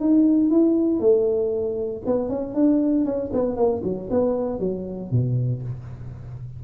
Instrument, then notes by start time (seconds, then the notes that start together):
tuba
0.00 D#4
0.50 E4
1.00 A3
2.06 B3
2.29 C#4
2.54 D4
3.05 C#4
3.33 B3
3.56 A#3
3.84 F#3
4.11 B3
4.60 F#3
5.11 B2